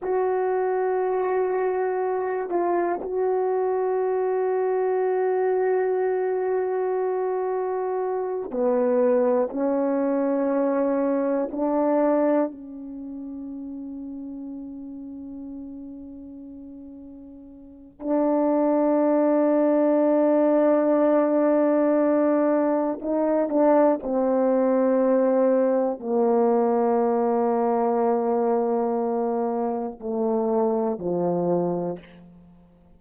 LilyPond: \new Staff \with { instrumentName = "horn" } { \time 4/4 \tempo 4 = 60 fis'2~ fis'8 f'8 fis'4~ | fis'1~ | fis'8 b4 cis'2 d'8~ | d'8 cis'2.~ cis'8~ |
cis'2 d'2~ | d'2. dis'8 d'8 | c'2 ais2~ | ais2 a4 f4 | }